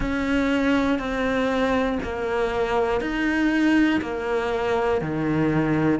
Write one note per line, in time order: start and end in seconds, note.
0.00 0.98 C#4
0.98 1.98 C4
2.03 3.00 A#3
3.00 4.00 D#4
4.01 5.00 A#3
5.00 5.99 D#3